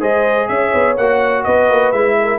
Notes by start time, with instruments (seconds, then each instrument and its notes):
0.00 tuba G#3, trombone G#4, horn C5, trumpet D#5
0.48 tuba C#4, trumpet E5
0.54 horn C#5
0.74 tuba B3
0.97 tuba A#3, trombone F#4, trumpet F#5
1.44 tuba B3, horn B4, trumpet D#5
1.70 tuba A#3
1.92 tuba G#3, trombone E4, trumpet E5
2.19 horn A#4